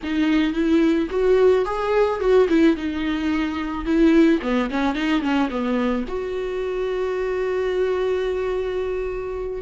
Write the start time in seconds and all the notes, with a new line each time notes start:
0.03 D#4
0.53 E4
1.10 F#4
1.65 G#4
2.20 F#4
2.48 E4
2.76 D#4
3.85 E4
4.42 B3
4.70 C#4
4.94 D#4
5.21 C#4
5.49 B3
6.08 F#4